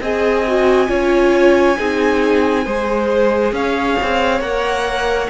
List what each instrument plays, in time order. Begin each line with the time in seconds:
0.00 cello C4, viola G#4, violin D#5 G#5
0.47 viola F#4
0.87 cello C#4, viola F4, violin C#5
1.76 cello C4, viola D#4, violin G#4
2.65 cello G#3, viola G#4, violin C5
3.52 cello C#4, violin C#5 F5
4.02 cello C4
4.40 cello A#3, viola A#4, violin F#5